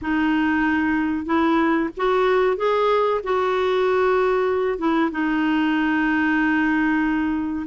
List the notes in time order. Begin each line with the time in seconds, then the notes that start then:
0.01 D#4
1.25 E4
1.96 F#4
2.56 G#4
3.23 F#4
4.78 E4
5.11 D#4